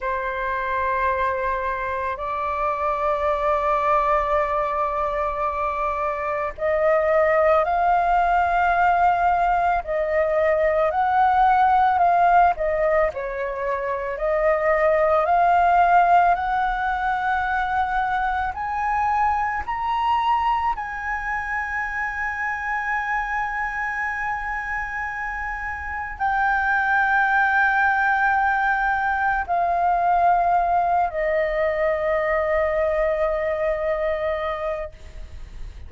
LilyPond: \new Staff \with { instrumentName = "flute" } { \time 4/4 \tempo 4 = 55 c''2 d''2~ | d''2 dis''4 f''4~ | f''4 dis''4 fis''4 f''8 dis''8 | cis''4 dis''4 f''4 fis''4~ |
fis''4 gis''4 ais''4 gis''4~ | gis''1 | g''2. f''4~ | f''8 dis''2.~ dis''8 | }